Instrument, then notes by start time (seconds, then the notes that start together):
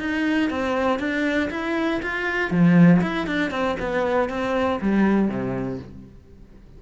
cello
0.00 D#4
0.50 C4
1.00 D4
1.51 E4
2.03 F4
2.51 F3
3.02 E4
3.27 D4
3.51 C4
3.80 B3
4.29 C4
4.82 G3
5.29 C3